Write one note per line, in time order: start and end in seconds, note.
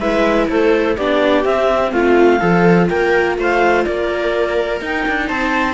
0.00 0.49 G#3
0.00 0.98 E4
0.00 0.49 B4
0.00 0.48 E5
0.49 0.97 A3
0.49 0.97 A4
0.49 0.97 C5
0.97 1.46 B3
0.97 1.45 D4
0.97 1.93 G4
0.97 1.45 D5
1.45 2.40 C4
1.45 1.92 C4
1.45 1.92 E5
1.92 2.40 A3
1.92 2.40 F4
1.92 2.88 F5
2.40 2.90 F3
2.40 4.80 F4
2.40 2.88 A4
2.89 3.38 A#3
2.89 3.39 A#4
2.89 3.37 G5
3.38 3.86 A3
3.38 3.86 C5
3.38 3.85 F5
3.85 4.81 A#3
3.85 5.29 A#4
3.85 4.81 D5
4.81 5.05 D#4
4.81 5.74 D#4
4.81 5.28 G5
5.09 5.30 D4
5.28 5.74 C4
5.28 5.74 C5
5.28 5.74 A5